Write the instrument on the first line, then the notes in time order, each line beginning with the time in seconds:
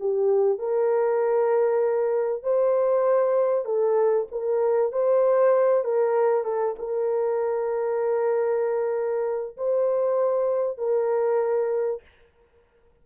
horn
0.00 G4
0.59 A#4
2.43 C5
3.66 A4
4.32 A#4
4.92 C5
5.85 A#4
6.44 A4
6.79 A#4
9.57 C5
10.78 A#4